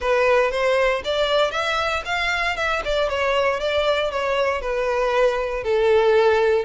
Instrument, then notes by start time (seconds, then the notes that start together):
violin
0.00 B4
0.51 C5
1.04 D5
1.51 E5
2.05 F5
2.56 E5
2.85 D5
3.09 C#5
3.60 D5
4.11 C#5
4.61 B4
5.63 A4